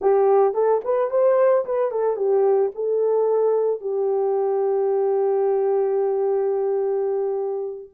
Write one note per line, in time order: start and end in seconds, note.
0.01 0.54 G4
0.54 0.81 A4
0.84 1.10 B4
1.10 1.64 C5
1.65 1.91 B4
1.91 2.16 A4
2.16 2.71 G4
2.74 3.80 A4
3.80 7.89 G4